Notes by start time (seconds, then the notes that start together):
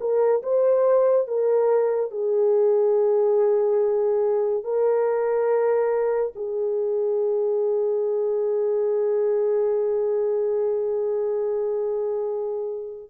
0.00 A#4
0.43 C5
1.27 A#4
2.11 G#4
4.64 A#4
6.35 G#4